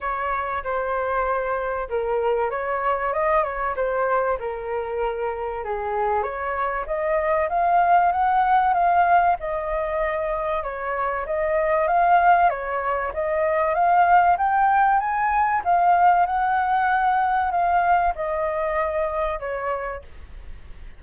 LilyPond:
\new Staff \with { instrumentName = "flute" } { \time 4/4 \tempo 4 = 96 cis''4 c''2 ais'4 | cis''4 dis''8 cis''8 c''4 ais'4~ | ais'4 gis'4 cis''4 dis''4 | f''4 fis''4 f''4 dis''4~ |
dis''4 cis''4 dis''4 f''4 | cis''4 dis''4 f''4 g''4 | gis''4 f''4 fis''2 | f''4 dis''2 cis''4 | }